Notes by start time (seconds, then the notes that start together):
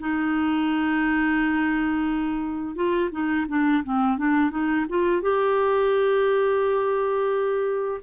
0.00 D#4
2.76 F4
3.11 D#4
3.49 D4
3.84 C4
4.18 D4
4.51 D#4
4.89 F4
5.22 G4